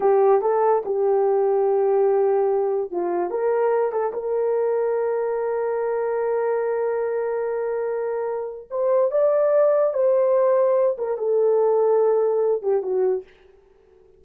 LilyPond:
\new Staff \with { instrumentName = "horn" } { \time 4/4 \tempo 4 = 145 g'4 a'4 g'2~ | g'2. f'4 | ais'4. a'8 ais'2~ | ais'1~ |
ais'1~ | ais'4 c''4 d''2 | c''2~ c''8 ais'8 a'4~ | a'2~ a'8 g'8 fis'4 | }